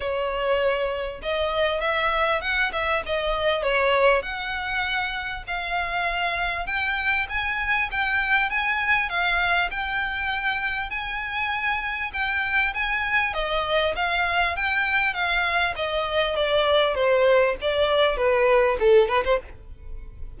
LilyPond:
\new Staff \with { instrumentName = "violin" } { \time 4/4 \tempo 4 = 99 cis''2 dis''4 e''4 | fis''8 e''8 dis''4 cis''4 fis''4~ | fis''4 f''2 g''4 | gis''4 g''4 gis''4 f''4 |
g''2 gis''2 | g''4 gis''4 dis''4 f''4 | g''4 f''4 dis''4 d''4 | c''4 d''4 b'4 a'8 b'16 c''16 | }